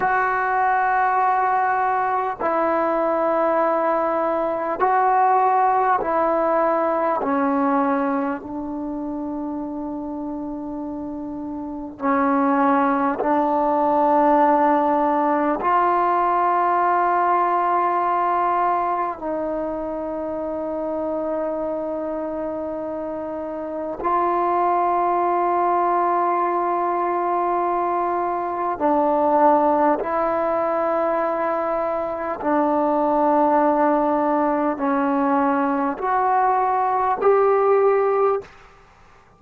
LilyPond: \new Staff \with { instrumentName = "trombone" } { \time 4/4 \tempo 4 = 50 fis'2 e'2 | fis'4 e'4 cis'4 d'4~ | d'2 cis'4 d'4~ | d'4 f'2. |
dis'1 | f'1 | d'4 e'2 d'4~ | d'4 cis'4 fis'4 g'4 | }